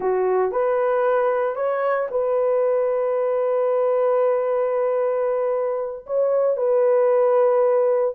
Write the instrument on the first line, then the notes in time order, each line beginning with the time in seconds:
horn
0.00 F#4
0.51 B4
1.55 C#5
2.11 B4
6.06 C#5
6.56 B4